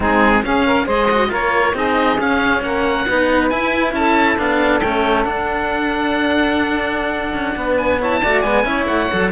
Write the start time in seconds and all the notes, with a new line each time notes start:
0.00 G#3 C4 D#4 G#4
0.42 C#4 G#4 F5
0.65 A#4
0.85 G#3 G#4 C5 D#5
1.11 F#4
1.29 A#3 F4 A#4 C#5
1.73 C4 D#4 G#4 D#5
2.17 C#4 F5
2.61 A#3 A#4 F#5
3.07 B3 D#4 B4
3.49 E4 G#5
3.92 C#4 A4 A5
4.37 B3 D4 F5
4.80 A3 C#4 G5
5.24 D4 F#5
7.33 C#4
7.55 B3 B4
7.77 G#5
7.98 E4 C#5 A5
8.21 A3 F#4 D5
8.41 G#3 B3 G#5
8.63 C#4 E4 C#5
8.87 A3 F#5
9.09 F#3 A4